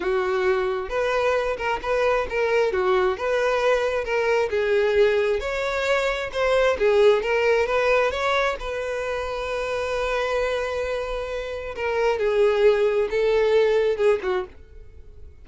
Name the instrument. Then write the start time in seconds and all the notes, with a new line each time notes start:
violin
0.00 F#4
0.89 B4
1.57 A#4
1.82 B4
2.29 A#4
2.72 F#4
3.17 B4
4.04 A#4
4.49 G#4
5.40 C#5
6.32 C5
6.78 G#4
7.22 A#4
7.66 B4
8.11 C#5
8.59 B4
11.75 A#4
12.18 G#4
13.10 A4
13.96 G#4
14.22 F#4